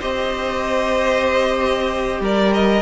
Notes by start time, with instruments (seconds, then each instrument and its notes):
0.00 cello C4, viola G4, violin C5 D#5
2.20 cello G3, violin A#4 D5
2.53 violin D#5